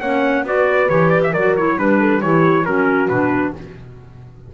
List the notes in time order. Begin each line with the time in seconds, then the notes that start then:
0.00 A#3 C#4 C#5 F#5
0.44 B3 F#4 B4 D5
0.89 E3 G4 C#5
1.10 D5
1.23 E5
1.32 F#3 A#4 D5
1.39 F#4
1.57 E4 C#5
1.78 G3 D4 B4
2.00 A4
2.22 E3 E4 G4 C#5
2.65 F#3 C#4 F#4 A#4
3.09 B2 D4 B4